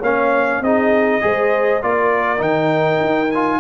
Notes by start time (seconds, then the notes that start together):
0.00 A#3 C#4 C#5 F5
0.61 C4 D#4 G#4 D#5
1.21 G#3 G#4 C5
1.82 A#3 F4 A#4 D5
2.39 D#3 D#4 G5
3.01 D#4
3.31 F4 G#5